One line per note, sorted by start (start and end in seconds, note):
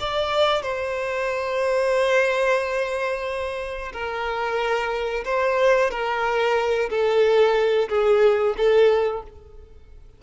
0.00 0.62 D5
0.62 3.92 C5
3.92 5.24 A#4
5.24 5.90 C5
5.91 6.90 A#4
6.90 7.89 A4
7.89 8.55 G#4
8.57 9.23 A4